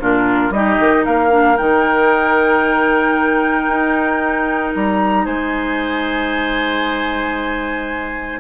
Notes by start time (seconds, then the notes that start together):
0.00 A#2 D4 F4 A#4
0.50 G3 D#4 G4 D#5
0.80 D#3
1.05 A#3 A#4 F5
1.30 D4
1.57 D#3 D#4 G5
3.68 D#4
4.74 G3 A#5
5.25 G#3 C5 G#5